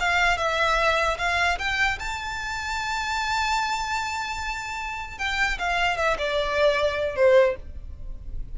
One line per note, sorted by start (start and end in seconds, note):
0.00 0.38 F5
0.38 1.18 E5
1.19 1.59 F5
1.59 1.99 G5
1.99 5.18 A5
5.18 5.58 G5
5.59 5.97 F5
5.97 6.17 E5
6.19 7.16 D5
7.16 7.56 C5